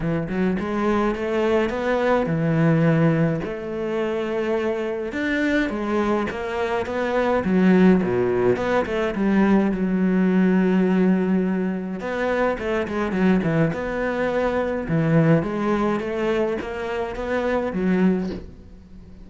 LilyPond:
\new Staff \with { instrumentName = "cello" } { \time 4/4 \tempo 4 = 105 e8 fis8 gis4 a4 b4 | e2 a2~ | a4 d'4 gis4 ais4 | b4 fis4 b,4 b8 a8 |
g4 fis2.~ | fis4 b4 a8 gis8 fis8 e8 | b2 e4 gis4 | a4 ais4 b4 fis4 | }